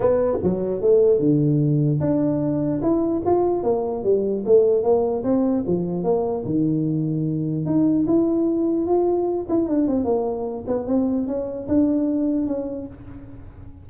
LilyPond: \new Staff \with { instrumentName = "tuba" } { \time 4/4 \tempo 4 = 149 b4 fis4 a4 d4~ | d4 d'2 e'4 | f'4 ais4 g4 a4 | ais4 c'4 f4 ais4 |
dis2. dis'4 | e'2 f'4. e'8 | d'8 c'8 ais4. b8 c'4 | cis'4 d'2 cis'4 | }